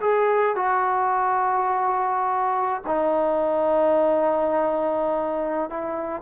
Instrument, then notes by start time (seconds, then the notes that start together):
trombone
0.00 G#4
0.56 F#4
2.87 D#4
5.70 E4